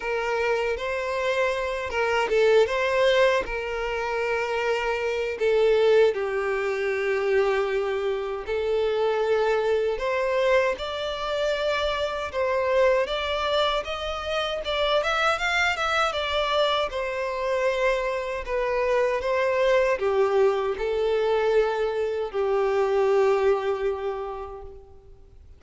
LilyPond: \new Staff \with { instrumentName = "violin" } { \time 4/4 \tempo 4 = 78 ais'4 c''4. ais'8 a'8 c''8~ | c''8 ais'2~ ais'8 a'4 | g'2. a'4~ | a'4 c''4 d''2 |
c''4 d''4 dis''4 d''8 e''8 | f''8 e''8 d''4 c''2 | b'4 c''4 g'4 a'4~ | a'4 g'2. | }